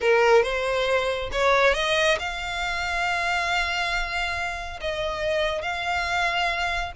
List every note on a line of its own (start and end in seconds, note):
0.00 0.42 A#4
0.42 1.29 C5
1.32 1.74 C#5
1.74 2.17 D#5
2.19 4.79 F5
4.80 5.62 D#5
5.62 6.92 F5